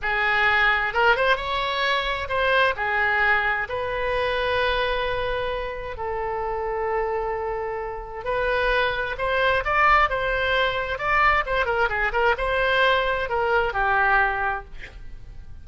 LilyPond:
\new Staff \with { instrumentName = "oboe" } { \time 4/4 \tempo 4 = 131 gis'2 ais'8 c''8 cis''4~ | cis''4 c''4 gis'2 | b'1~ | b'4 a'2.~ |
a'2 b'2 | c''4 d''4 c''2 | d''4 c''8 ais'8 gis'8 ais'8 c''4~ | c''4 ais'4 g'2 | }